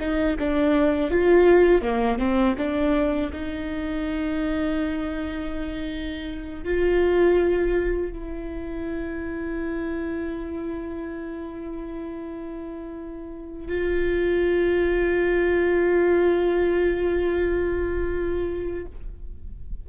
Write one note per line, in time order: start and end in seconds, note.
0.00 0.37 D#4
0.39 1.11 D4
1.11 1.82 F4
1.82 2.19 A#3
2.19 2.56 C4
2.58 3.32 D4
3.33 6.65 D#4
6.65 8.13 F4
8.13 13.68 E4
13.68 18.87 F4